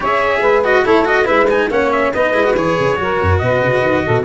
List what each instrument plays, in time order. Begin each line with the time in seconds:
0.00 tuba C#4, cello G#4, saxophone C#5, trumpet E5
0.40 tuba G#3, saxophone B4
0.64 cello F#4, trumpet D#5
0.84 tuba A3, cello E4, saxophone A4, trumpet C#5
1.04 cello F#4, trumpet D#5
1.24 tuba G#3, cello E4, saxophone B4, trumpet E5
1.49 cello D#4, trumpet G#5
1.69 tuba A#3, cello C#4, saxophone C#5, trumpet F#5
1.91 trumpet E5
2.13 tuba B3, cello D#4, saxophone B4, trumpet D#5
2.33 tuba G#3, cello E4
2.43 cello F#4
2.55 tuba E3, cello G#4, trumpet C#5
2.79 tuba C#3
2.96 tuba F#3, cello F#4, saxophone A#4
3.21 tuba F#2
3.38 tuba B2, saxophone B4, trumpet D#5
3.60 tuba C#3
3.81 tuba D#3
4.04 tuba B2, saxophone A4